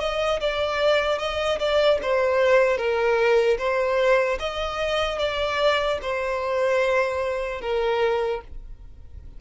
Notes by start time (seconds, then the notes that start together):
0.00 D#5
0.40 D5
1.19 D#5
1.59 D5
2.03 C5
2.77 A#4
3.59 C5
4.40 D#5
5.19 D5
6.02 C5
7.61 A#4